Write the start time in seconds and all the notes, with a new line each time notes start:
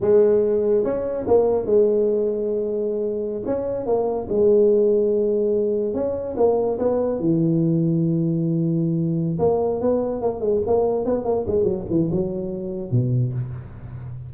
0.01 G#3
0.83 C#4
1.27 A#3
1.66 G#3
3.45 C#4
3.86 A#3
4.29 G#3
5.94 C#4
6.36 A#3
6.79 B3
7.19 E3
9.39 A#3
9.80 B3
10.21 A#3
10.40 G#3
10.66 A#3
11.05 B3
11.24 A#3
11.47 G#3
11.63 F#3
11.90 E3
12.11 F#3
12.91 B2